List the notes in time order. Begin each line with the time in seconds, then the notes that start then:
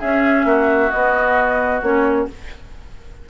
0.00 C#4 G#4 E5
0.45 A#3 F#4
0.91 B3 D#5
1.82 A#3 C#4 C#5